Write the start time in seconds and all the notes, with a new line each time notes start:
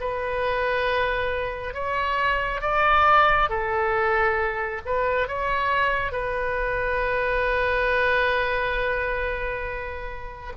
0.00 B4
1.74 C#5
2.61 D5
3.49 A4
4.85 B4
5.28 C#5
6.12 B4